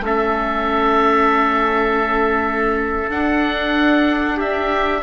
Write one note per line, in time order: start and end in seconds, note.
0.00 3.06 A3
0.00 3.10 C#4
0.00 3.11 E5
0.06 4.37 A4
3.10 5.03 D4
3.10 4.40 F#5
4.37 5.01 G4
4.37 5.03 E5